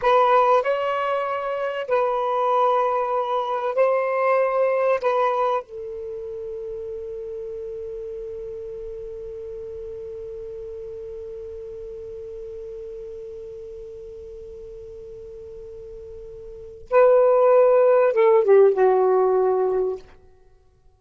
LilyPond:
\new Staff \with { instrumentName = "saxophone" } { \time 4/4 \tempo 4 = 96 b'4 cis''2 b'4~ | b'2 c''2 | b'4 a'2.~ | a'1~ |
a'1~ | a'1~ | a'2. b'4~ | b'4 a'8 g'8 fis'2 | }